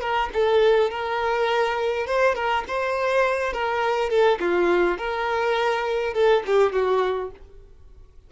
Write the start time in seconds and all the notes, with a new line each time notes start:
0.00 A#4
0.33 A4
0.90 A#4
2.06 C5
2.35 A#4
2.67 C5
3.52 A#4
4.09 A4
4.40 F4
4.97 A#4
6.13 A4
6.46 G4
6.72 F#4